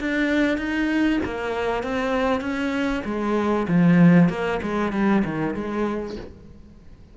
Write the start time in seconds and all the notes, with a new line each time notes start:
0.00 D4
0.58 D#4
1.25 A#3
1.83 C4
2.41 C#4
3.05 G#3
3.68 F3
4.30 A#3
4.63 G#3
4.93 G3
5.25 D#3
5.55 G#3